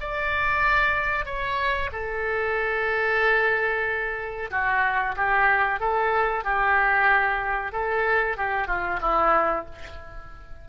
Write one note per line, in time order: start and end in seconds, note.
0.00 1.25 D5
1.25 1.90 C#5
1.92 4.50 A4
4.50 5.15 F#4
5.16 5.79 G4
5.79 6.44 A4
6.44 7.72 G4
7.72 8.37 A4
8.37 8.67 G4
8.67 8.99 F4
9.01 9.65 E4